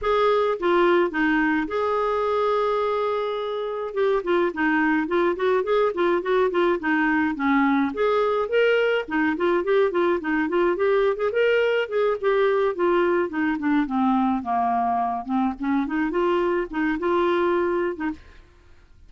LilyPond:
\new Staff \with { instrumentName = "clarinet" } { \time 4/4 \tempo 4 = 106 gis'4 f'4 dis'4 gis'4~ | gis'2. g'8 f'8 | dis'4 f'8 fis'8 gis'8 f'8 fis'8 f'8 | dis'4 cis'4 gis'4 ais'4 |
dis'8 f'8 g'8 f'8 dis'8 f'8 g'8. gis'16 | ais'4 gis'8 g'4 f'4 dis'8 | d'8 c'4 ais4. c'8 cis'8 | dis'8 f'4 dis'8 f'4.~ f'16 dis'16 | }